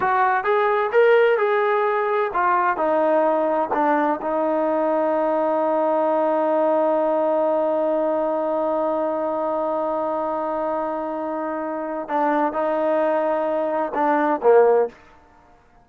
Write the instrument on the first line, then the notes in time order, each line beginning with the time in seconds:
trombone
0.00 F#4
0.43 G#4
0.92 A#4
1.38 G#4
2.33 F4
2.76 D#4
3.73 D4
4.21 D#4
12.08 D4
12.52 D#4
13.94 D4
14.42 A#3